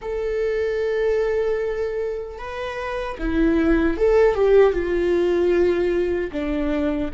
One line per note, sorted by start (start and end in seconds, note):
0.01 2.38 A4
2.38 3.17 B4
3.18 3.97 E4
3.97 4.34 A4
4.34 4.72 G4
4.72 6.30 F4
6.32 7.11 D4